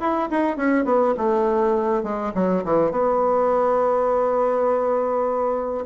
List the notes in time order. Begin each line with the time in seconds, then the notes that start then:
0.00 E4
0.30 D#4
0.57 C#4
0.85 B3
1.17 A3
2.03 G#3
2.34 F#3
2.65 E3
2.91 B3